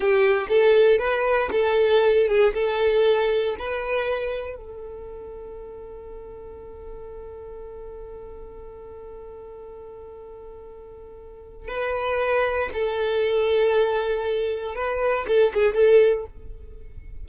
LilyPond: \new Staff \with { instrumentName = "violin" } { \time 4/4 \tempo 4 = 118 g'4 a'4 b'4 a'4~ | a'8 gis'8 a'2 b'4~ | b'4 a'2.~ | a'1~ |
a'1~ | a'2. b'4~ | b'4 a'2.~ | a'4 b'4 a'8 gis'8 a'4 | }